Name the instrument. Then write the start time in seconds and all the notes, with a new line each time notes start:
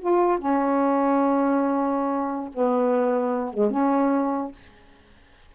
saxophone
0.00 F4
0.38 C#4
2.54 B3
3.54 G#3
3.71 C#4